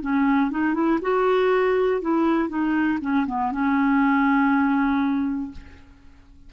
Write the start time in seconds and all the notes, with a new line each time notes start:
0.00 C#4
0.50 D#4
0.74 E4
1.01 F#4
2.01 E4
2.49 D#4
3.00 C#4
3.26 B3
3.51 C#4